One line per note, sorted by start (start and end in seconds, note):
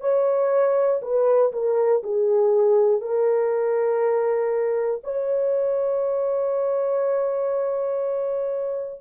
0.00 1.00 C#5
1.02 1.52 B4
1.52 2.02 A#4
2.03 3.01 G#4
3.01 5.01 A#4
5.04 9.01 C#5